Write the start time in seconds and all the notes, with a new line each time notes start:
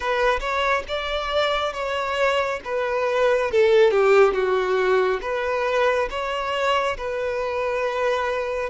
0.00 B4
0.40 C#5
0.87 D5
1.73 C#5
2.64 B4
3.51 A4
3.90 G4
4.33 F#4
5.21 B4
6.09 C#5
6.97 B4